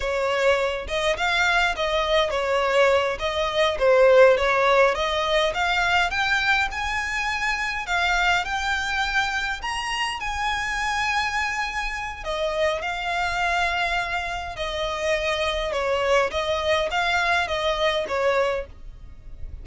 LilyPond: \new Staff \with { instrumentName = "violin" } { \time 4/4 \tempo 4 = 103 cis''4. dis''8 f''4 dis''4 | cis''4. dis''4 c''4 cis''8~ | cis''8 dis''4 f''4 g''4 gis''8~ | gis''4. f''4 g''4.~ |
g''8 ais''4 gis''2~ gis''8~ | gis''4 dis''4 f''2~ | f''4 dis''2 cis''4 | dis''4 f''4 dis''4 cis''4 | }